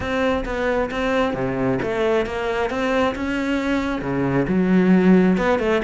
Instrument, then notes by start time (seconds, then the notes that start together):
cello
0.00 C4
0.45 B3
0.91 C4
1.34 C3
1.82 A3
2.26 A#3
2.69 C4
3.15 C#4
4.01 C#3
4.48 F#3
5.37 B3
5.59 A3